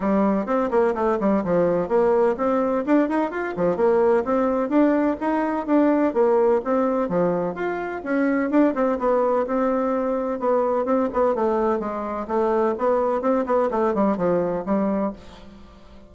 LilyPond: \new Staff \with { instrumentName = "bassoon" } { \time 4/4 \tempo 4 = 127 g4 c'8 ais8 a8 g8 f4 | ais4 c'4 d'8 dis'8 f'8 f8 | ais4 c'4 d'4 dis'4 | d'4 ais4 c'4 f4 |
f'4 cis'4 d'8 c'8 b4 | c'2 b4 c'8 b8 | a4 gis4 a4 b4 | c'8 b8 a8 g8 f4 g4 | }